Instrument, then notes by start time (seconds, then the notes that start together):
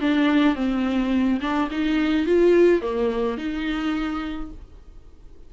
viola
0.00 D4
0.55 C4
1.40 D4
1.70 D#4
2.26 F4
2.81 A#3
3.37 D#4